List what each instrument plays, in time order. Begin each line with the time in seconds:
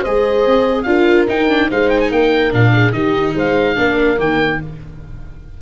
0.00 tuba G#3, viola G#4, horn C5, oboe D#5
0.46 tuba C4
0.83 tuba D4, viola F4, horn A#4, oboe F5
1.28 viola D#4, tuba D#4, oboe G5
1.49 viola D4
1.69 tuba G#3, viola D#4, horn C5, oboe F5
1.90 oboe G5
2.01 oboe G#5
2.11 tuba A#3, horn A#4, oboe G5
2.51 tuba A#2, viola D4, oboe F5
2.74 horn G#4
2.92 tuba D#3, viola D#4, horn G4, oboe D#5
3.35 tuba G#3, horn C5, oboe F5
3.76 tuba A#3, viola D4, horn A#4
4.17 tuba D#3, viola A#3, oboe G5